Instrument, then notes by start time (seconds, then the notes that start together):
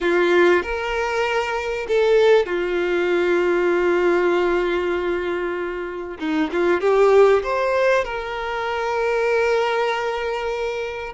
violin
0.01 F4
0.62 A#4
1.88 A4
2.46 F4
6.19 D#4
6.52 F4
6.80 G4
7.43 C5
8.04 A#4